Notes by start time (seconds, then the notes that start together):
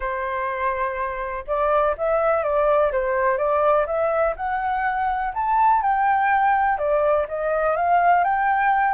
0.00 C5
1.47 D5
1.97 E5
2.43 D5
2.92 C5
3.37 D5
3.86 E5
4.36 F#5
5.34 A5
5.82 G5
6.77 D5
7.28 D#5
7.76 F5
8.23 G5